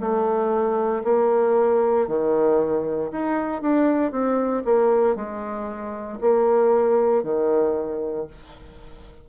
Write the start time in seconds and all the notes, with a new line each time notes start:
0.00 A3
1.04 A#3
2.08 D#3
3.12 D#4
3.62 D4
4.12 C4
4.65 A#3
5.16 G#3
6.21 A#3
7.24 D#3